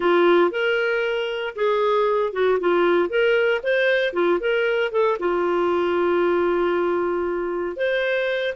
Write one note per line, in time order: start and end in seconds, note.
0.00 0.50 F4
0.50 1.54 A#4
1.55 2.33 G#4
2.33 2.58 F#4
2.60 3.09 F4
3.09 3.61 A#4
3.63 4.13 C5
4.13 4.39 F4
4.40 4.91 A#4
4.91 5.17 A4
5.19 7.76 F4
7.76 8.54 C5